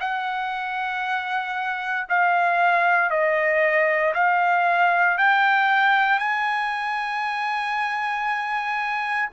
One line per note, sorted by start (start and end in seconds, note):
0.00 2.07 F#5
2.09 3.10 F5
3.10 4.13 D#5
4.14 5.17 F5
5.18 6.19 G5
6.19 9.29 G#5